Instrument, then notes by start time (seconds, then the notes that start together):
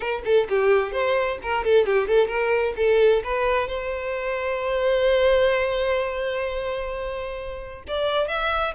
violin
0.00 A#4
0.24 A4
0.49 G4
0.92 C5
1.42 A#4
1.64 A4
1.85 G4
2.07 A4
2.27 A#4
2.76 A4
3.23 B4
3.68 C5
7.87 D5
8.28 E5